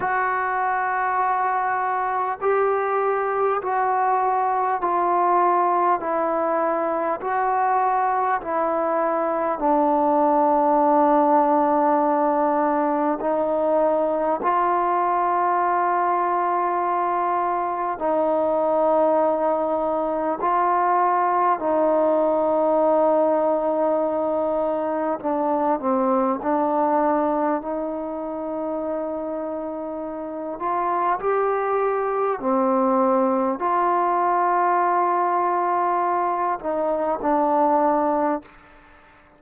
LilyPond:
\new Staff \with { instrumentName = "trombone" } { \time 4/4 \tempo 4 = 50 fis'2 g'4 fis'4 | f'4 e'4 fis'4 e'4 | d'2. dis'4 | f'2. dis'4~ |
dis'4 f'4 dis'2~ | dis'4 d'8 c'8 d'4 dis'4~ | dis'4. f'8 g'4 c'4 | f'2~ f'8 dis'8 d'4 | }